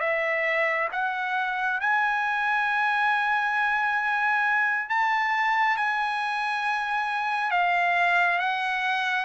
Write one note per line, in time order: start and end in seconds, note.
0.00 0.88 E5
0.92 1.80 F#5
1.80 4.89 G#5
4.89 5.77 A5
5.77 7.51 G#5
7.51 8.39 F5
8.39 9.25 F#5